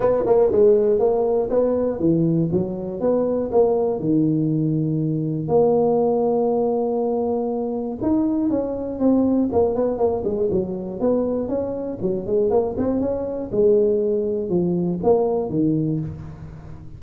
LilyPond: \new Staff \with { instrumentName = "tuba" } { \time 4/4 \tempo 4 = 120 b8 ais8 gis4 ais4 b4 | e4 fis4 b4 ais4 | dis2. ais4~ | ais1 |
dis'4 cis'4 c'4 ais8 b8 | ais8 gis8 fis4 b4 cis'4 | fis8 gis8 ais8 c'8 cis'4 gis4~ | gis4 f4 ais4 dis4 | }